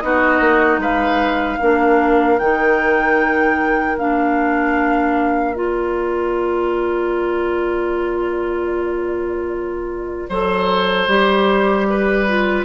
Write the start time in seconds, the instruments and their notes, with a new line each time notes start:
0.00 bassoon B3, clarinet D#4, oboe F#4, flute D#5
0.40 bassoon A#3
0.78 bassoon G#3, oboe B4, flute F5
1.59 bassoon A#3, clarinet D4, oboe A#4
2.39 bassoon D#3, clarinet D#4, flute G5
3.98 bassoon A#3, clarinet D4, flute F5
5.55 clarinet F4, flute D5
10.29 bassoon F#3, clarinet A4, oboe C5
11.07 bassoon G3, clarinet G4
11.90 oboe B4
12.28 clarinet F4